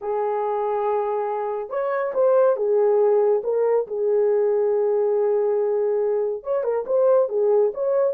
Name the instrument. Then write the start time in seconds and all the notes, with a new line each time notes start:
horn
0.01 G#4
1.69 C#5
2.14 C5
2.56 G#4
3.43 A#4
3.87 G#4
6.43 C#5
6.63 A#4
6.86 C5
7.29 G#4
7.74 C#5